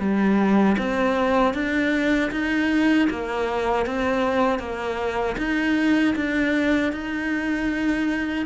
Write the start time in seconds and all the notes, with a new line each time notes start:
0.00 G3
0.78 C4
1.55 D4
2.32 D#4
3.10 A#3
3.86 C4
4.59 A#3
5.38 D#4
6.16 D4
6.93 D#4